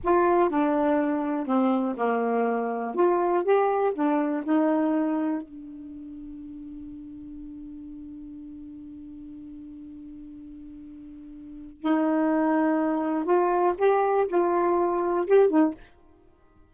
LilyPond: \new Staff \with { instrumentName = "saxophone" } { \time 4/4 \tempo 4 = 122 f'4 d'2 c'4 | ais2 f'4 g'4 | d'4 dis'2 d'4~ | d'1~ |
d'1~ | d'1 | dis'2. f'4 | g'4 f'2 g'8 dis'8 | }